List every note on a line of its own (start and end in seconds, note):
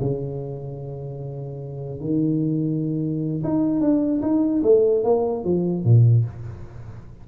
0.00 2.00 C#3
2.00 3.42 D#3
3.43 3.80 D#4
3.80 4.21 D4
4.21 4.62 D#4
4.63 5.03 A3
5.03 5.44 A#3
5.44 5.84 F3
5.84 6.25 A#2